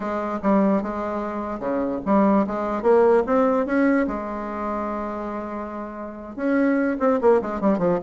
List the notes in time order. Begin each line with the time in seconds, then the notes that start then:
0.00 G#3
0.42 G3
0.82 G#3
1.59 C#3
2.05 G3
2.46 G#3
2.82 A#3
3.26 C4
3.66 C#4
4.07 G#3
6.36 C#4
6.99 C4
7.21 A#3
7.41 G#3
7.60 G3
7.78 F3